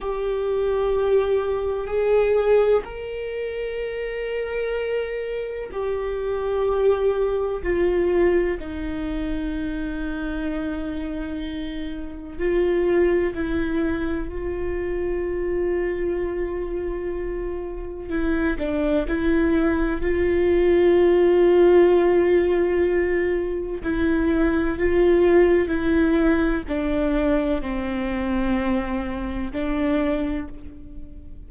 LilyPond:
\new Staff \with { instrumentName = "viola" } { \time 4/4 \tempo 4 = 63 g'2 gis'4 ais'4~ | ais'2 g'2 | f'4 dis'2.~ | dis'4 f'4 e'4 f'4~ |
f'2. e'8 d'8 | e'4 f'2.~ | f'4 e'4 f'4 e'4 | d'4 c'2 d'4 | }